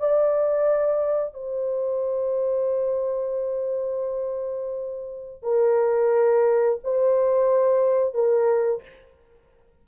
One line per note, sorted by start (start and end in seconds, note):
0.00 1.35 D5
1.35 5.43 C5
5.43 6.79 A#4
6.84 8.14 C5
8.14 8.83 A#4